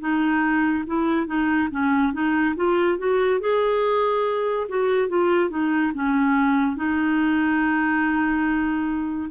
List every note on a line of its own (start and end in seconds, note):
0.00 0.85 D#4
0.87 1.27 E4
1.27 1.69 D#4
1.71 2.13 C#4
2.13 2.55 D#4
2.56 2.98 F4
2.98 3.41 F#4
3.41 4.67 G#4
4.69 5.09 F#4
5.09 5.50 F4
5.50 5.92 D#4
5.95 6.76 C#4
6.76 9.30 D#4